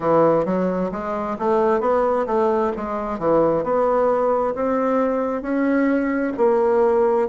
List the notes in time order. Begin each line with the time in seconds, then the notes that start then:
0.00 E3
0.45 F#3
0.91 G#3
1.38 A3
1.80 B3
2.26 A3
2.76 G#3
3.18 E3
3.63 B3
4.55 C4
5.41 C#4
6.37 A#3